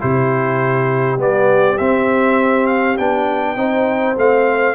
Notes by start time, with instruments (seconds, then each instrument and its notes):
0.00 tuba C3, trombone E4, horn G4, trumpet C5
1.18 tuba G3, trombone B3, trumpet D5
1.78 trombone C4, tuba C4, trumpet E5
2.67 trumpet F5
2.97 tuba B3, trombone D4, trumpet G5
3.56 tuba C4, trombone D#4, horn C5
4.17 tuba A3, trombone C4, trumpet F5